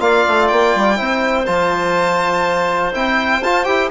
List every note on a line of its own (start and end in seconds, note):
0.00 0.24 A#3
0.00 0.96 F4
0.00 0.98 D5
0.00 0.47 F5
0.27 0.51 A3
0.47 0.75 A#3
0.47 1.45 G5
0.75 0.99 G3
0.96 1.47 C4
0.96 1.45 E4
0.96 3.90 C5
1.46 2.94 F3
1.46 2.93 F4
1.46 2.92 A5
2.93 3.41 C4
2.93 3.42 E4
2.93 3.43 G5
3.41 3.65 F4
3.41 3.64 A5
3.64 3.90 E4
3.64 3.89 G4
3.64 3.89 G5